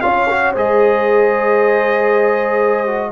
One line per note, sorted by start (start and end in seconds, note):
0.00 0.55 C#4
0.00 0.28 F4
0.00 0.52 C#5
0.00 0.52 F5
0.29 0.55 F#4
0.52 3.11 G#3
0.52 2.86 G#4
0.52 3.10 C5
0.52 3.11 D#5
2.86 3.11 F#4